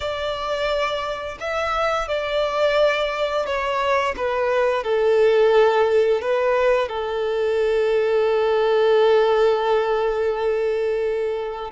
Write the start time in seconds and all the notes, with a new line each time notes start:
0.00 D5
1.40 E5
2.08 D5
3.45 C#5
4.16 B4
4.83 A4
6.21 B4
6.88 A4